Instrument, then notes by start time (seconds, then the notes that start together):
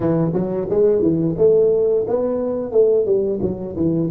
tuba
0.00 E3
0.33 F#3
0.70 G#3
1.01 E3
1.37 A3
2.07 B3
2.71 A3
3.05 G3
3.41 F#3
3.75 E3